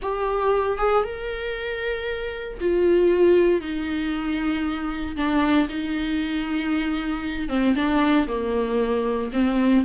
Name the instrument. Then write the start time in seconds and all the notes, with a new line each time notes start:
viola
0.01 G4
0.78 G#4
1.03 A#4
2.60 F4
3.60 D#4
5.16 D4
5.68 D#4
7.49 C4
7.75 D4
8.27 A#3
9.32 C4